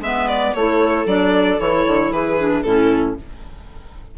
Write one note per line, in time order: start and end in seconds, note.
0.00 0.53 G#3
0.00 0.55 B3
0.00 0.55 B4
0.00 0.28 E5
0.28 0.54 D5
0.54 1.06 A3
0.54 1.06 E4
0.54 2.12 A4
0.54 1.06 C#5
1.06 1.58 F#3
1.06 1.59 D4
1.06 1.59 D5
1.59 1.85 E3
1.59 2.38 E4
1.59 2.12 C#5
1.87 2.11 D3
2.11 2.64 E3
2.11 2.64 G#4
2.11 2.62 B4
2.38 2.64 D4
2.62 3.16 A2
2.62 3.16 C#4
2.62 3.17 E4
2.62 3.14 A4